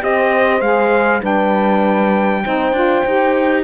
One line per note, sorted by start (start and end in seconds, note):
0.00 0.61 C4
0.00 0.61 G4
0.00 1.22 C5
0.00 0.61 D#5
0.61 1.22 G#3
0.61 1.21 G#4
0.61 1.22 F5
1.21 2.45 G3
1.21 2.42 D4
1.21 2.43 B4
1.21 3.64 G5
2.44 2.72 C4
2.44 2.75 D#4
2.44 3.64 C5
2.72 3.03 D4
2.72 3.06 F4
3.06 3.64 D#4
3.06 3.64 G4